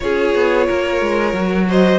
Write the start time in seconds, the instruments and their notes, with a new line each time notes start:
0.00 cello C#4, viola F4, violin G#4 C#5
0.34 cello B3
0.66 cello A#3, violin A#4
1.01 cello G#3
1.33 cello F#3, viola F#4
1.68 violin C5 D#5